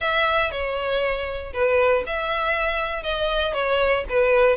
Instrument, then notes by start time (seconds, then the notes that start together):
violin
0.00 E5
0.51 C#5
1.53 B4
2.06 E5
3.03 D#5
3.53 C#5
4.09 B4